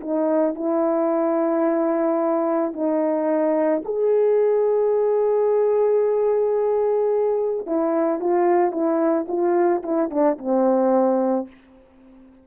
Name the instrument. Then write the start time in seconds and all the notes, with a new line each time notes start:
horn
0.00 D#4
0.55 E4
2.73 D#4
3.84 G#4
7.66 E4
8.20 F4
8.71 E4
9.28 F4
9.82 E4
10.10 D4
10.38 C4